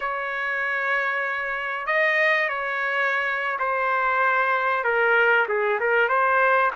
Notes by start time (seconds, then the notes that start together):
0.00 C#5
1.86 D#5
2.49 C#5
3.59 C5
4.84 A#4
5.48 G#4
5.80 A#4
6.09 C5